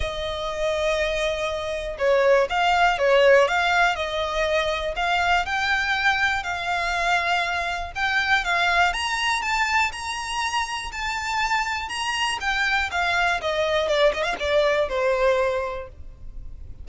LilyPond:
\new Staff \with { instrumentName = "violin" } { \time 4/4 \tempo 4 = 121 dis''1 | cis''4 f''4 cis''4 f''4 | dis''2 f''4 g''4~ | g''4 f''2. |
g''4 f''4 ais''4 a''4 | ais''2 a''2 | ais''4 g''4 f''4 dis''4 | d''8 dis''16 f''16 d''4 c''2 | }